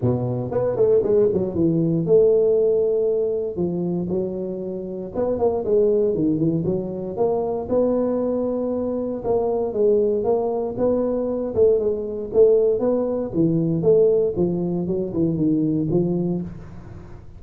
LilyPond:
\new Staff \with { instrumentName = "tuba" } { \time 4/4 \tempo 4 = 117 b,4 b8 a8 gis8 fis8 e4 | a2. f4 | fis2 b8 ais8 gis4 | dis8 e8 fis4 ais4 b4~ |
b2 ais4 gis4 | ais4 b4. a8 gis4 | a4 b4 e4 a4 | f4 fis8 e8 dis4 f4 | }